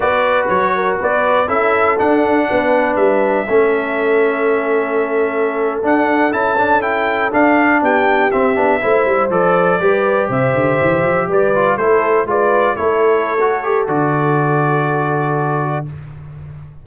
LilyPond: <<
  \new Staff \with { instrumentName = "trumpet" } { \time 4/4 \tempo 4 = 121 d''4 cis''4 d''4 e''4 | fis''2 e''2~ | e''2.~ e''8. fis''16~ | fis''8. a''4 g''4 f''4 g''16~ |
g''8. e''2 d''4~ d''16~ | d''8. e''2 d''4 c''16~ | c''8. d''4 cis''2~ cis''16 | d''1 | }
  \new Staff \with { instrumentName = "horn" } { \time 4/4 b'4. ais'8 b'4 a'4~ | a'4 b'2 a'4~ | a'1~ | a'2.~ a'8. g'16~ |
g'4.~ g'16 c''2 b'16~ | b'8. c''2 b'4 a'16~ | a'8. b'4 a'2~ a'16~ | a'1 | }
  \new Staff \with { instrumentName = "trombone" } { \time 4/4 fis'2. e'4 | d'2. cis'4~ | cis'2.~ cis'8. d'16~ | d'8. e'8 d'8 e'4 d'4~ d'16~ |
d'8. c'8 d'8 e'4 a'4 g'16~ | g'2.~ g'16 f'8 e'16~ | e'8. f'4 e'4~ e'16 fis'8 g'8 | fis'1 | }
  \new Staff \with { instrumentName = "tuba" } { \time 4/4 b4 fis4 b4 cis'4 | d'4 b4 g4 a4~ | a2.~ a8. d'16~ | d'8. cis'2 d'4 b16~ |
b8. c'8 b8 a8 g8 f4 g16~ | g8. c8 d8 e8 f8 g4 a16~ | a8. gis4 a2~ a16 | d1 | }
>>